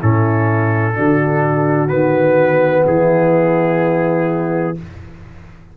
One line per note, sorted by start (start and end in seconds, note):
0.00 0.98 A2
0.00 0.94 C#4
0.00 0.95 E4
0.00 1.89 A4
0.94 1.90 D3
0.94 1.89 D4
0.94 2.87 F#4
1.89 2.85 D#3
1.89 4.75 B3
1.89 2.84 B4
2.87 4.77 E3
2.87 4.77 E4
2.87 4.78 G#4